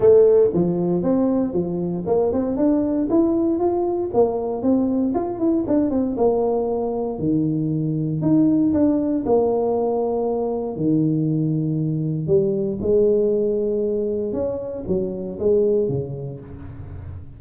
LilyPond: \new Staff \with { instrumentName = "tuba" } { \time 4/4 \tempo 4 = 117 a4 f4 c'4 f4 | ais8 c'8 d'4 e'4 f'4 | ais4 c'4 f'8 e'8 d'8 c'8 | ais2 dis2 |
dis'4 d'4 ais2~ | ais4 dis2. | g4 gis2. | cis'4 fis4 gis4 cis4 | }